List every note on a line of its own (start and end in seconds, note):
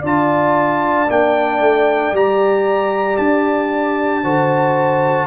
0.00 1.09 D4
0.00 1.07 F4
0.00 4.21 D5
0.06 1.11 A5
1.10 1.60 A#3
1.10 2.15 D4
1.10 2.16 G5
1.60 2.12 A3
2.12 3.18 G3
2.12 4.24 G4
2.12 3.17 A#5
3.17 4.24 D4
3.17 5.27 A5
4.23 5.27 D3
4.23 5.27 F#4
4.23 5.27 C5